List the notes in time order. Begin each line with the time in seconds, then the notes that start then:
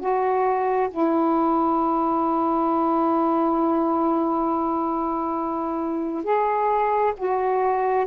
0.00 F#4
0.91 E4
6.24 G#4
7.17 F#4